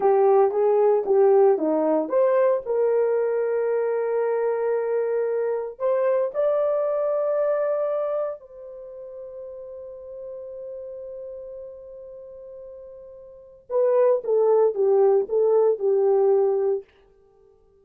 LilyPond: \new Staff \with { instrumentName = "horn" } { \time 4/4 \tempo 4 = 114 g'4 gis'4 g'4 dis'4 | c''4 ais'2.~ | ais'2. c''4 | d''1 |
c''1~ | c''1~ | c''2 b'4 a'4 | g'4 a'4 g'2 | }